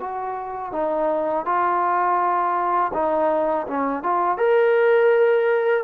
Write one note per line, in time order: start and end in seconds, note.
0.00 0.73 F#4
0.73 1.46 D#4
1.46 2.92 F4
2.94 3.67 D#4
3.68 4.03 C#4
4.03 4.38 F4
4.38 5.84 A#4